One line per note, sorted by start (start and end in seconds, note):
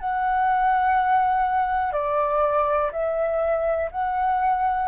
0.00 1.93 F#5
1.93 2.91 D5
2.92 3.91 E5
3.92 4.89 F#5